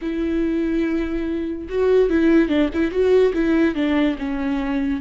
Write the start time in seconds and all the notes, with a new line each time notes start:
0.01 E4
1.69 F#4
2.09 E4
2.48 D4
2.73 E4
2.91 F#4
3.33 E4
3.74 D4
4.18 C#4